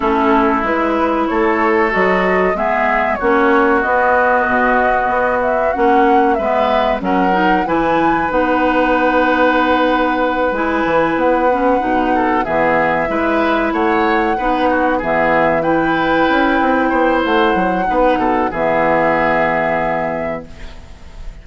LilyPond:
<<
  \new Staff \with { instrumentName = "flute" } { \time 4/4 \tempo 4 = 94 a'4 b'4 cis''4 dis''4 | e''4 cis''4 dis''2~ | dis''8 e''8 fis''4 e''4 fis''4 | gis''4 fis''2.~ |
fis''8 gis''4 fis''2 e''8~ | e''4. fis''2 e''8~ | e''8 g''2~ g''8 fis''4~ | fis''4 e''2. | }
  \new Staff \with { instrumentName = "oboe" } { \time 4/4 e'2 a'2 | gis'4 fis'2.~ | fis'2 b'4 ais'4 | b'1~ |
b'2. a'8 gis'8~ | gis'8 b'4 cis''4 b'8 fis'8 gis'8~ | gis'8 b'2 c''4. | b'8 a'8 gis'2. | }
  \new Staff \with { instrumentName = "clarinet" } { \time 4/4 cis'4 e'2 fis'4 | b4 cis'4 b2~ | b4 cis'4 b4 cis'8 dis'8 | e'4 dis'2.~ |
dis'8 e'4. cis'8 dis'4 b8~ | b8 e'2 dis'4 b8~ | b8 e'2.~ e'8 | dis'4 b2. | }
  \new Staff \with { instrumentName = "bassoon" } { \time 4/4 a4 gis4 a4 fis4 | gis4 ais4 b4 b,4 | b4 ais4 gis4 fis4 | e4 b2.~ |
b8 gis8 e8 b4 b,4 e8~ | e8 gis4 a4 b4 e8~ | e4. cis'8 c'8 b8 a8 fis8 | b8 b,8 e2. | }
>>